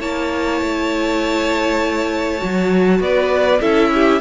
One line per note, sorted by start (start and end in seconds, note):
0.00 0.61 A#3
0.00 2.39 E4
0.00 3.00 C#5
0.00 3.01 A5
0.62 2.42 A3
2.39 3.01 F#3
2.39 3.59 F#4
3.01 3.61 B3
3.01 3.61 B4
3.01 3.62 D5
3.61 4.21 C#4
3.61 4.21 E4
3.61 3.91 A4
3.61 4.21 E5
3.94 4.21 G4